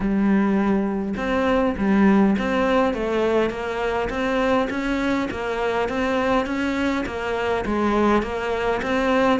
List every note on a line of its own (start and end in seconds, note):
0.00 1.14 G3
1.17 1.75 C4
1.77 2.36 G3
2.38 2.93 C4
2.93 3.50 A3
3.50 4.09 A#3
4.09 4.68 C4
4.70 5.28 C#4
5.30 5.89 A#3
5.89 6.45 C4
6.45 7.04 C#4
7.06 7.64 A#3
7.65 8.22 G#3
8.22 8.81 A#3
8.82 9.39 C4